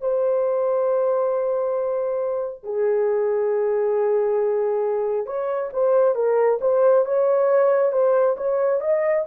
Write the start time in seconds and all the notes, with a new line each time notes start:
0.00 C5
2.63 G#4
5.25 C#5
5.73 C5
6.14 A#4
6.61 C5
7.05 C#5
7.92 C5
8.37 C#5
8.80 D#5